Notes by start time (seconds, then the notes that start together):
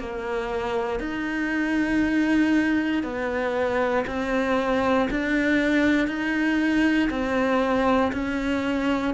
0.00 A#3
1.00 D#4
3.03 B3
4.07 C4
5.10 D4
6.08 D#4
7.10 C4
8.13 C#4